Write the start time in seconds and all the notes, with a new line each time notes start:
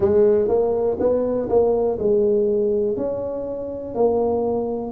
0.00 G#3
0.48 A#3
0.99 B3
1.49 A#3
1.99 G#3
2.96 C#4
3.94 A#3